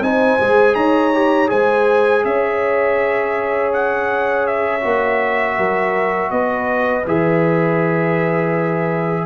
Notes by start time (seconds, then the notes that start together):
0.00 C4 D#4 C5 G#5
0.40 G#3 G#4
0.75 D#4 C#5 A#5
1.14 G4
1.47 G#3 G#4 C5 G#5
2.24 C#4 C#5 E5
3.73 F#5
4.46 E5
4.81 A#3 F#4
5.57 F#3 A#4
6.31 B3 B4 D#5
7.06 E3 G#4 E5